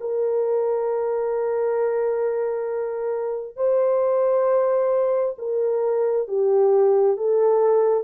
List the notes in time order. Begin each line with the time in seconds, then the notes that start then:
0.00 A#4
3.56 C5
5.38 A#4
6.28 G4
7.17 A4